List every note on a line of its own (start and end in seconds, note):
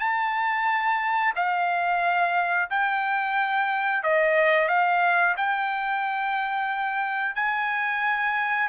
0.00 1.33 A5
1.36 2.69 F5
2.70 4.03 G5
4.03 4.69 D#5
4.69 5.35 F5
5.37 7.35 G5
7.35 8.69 G#5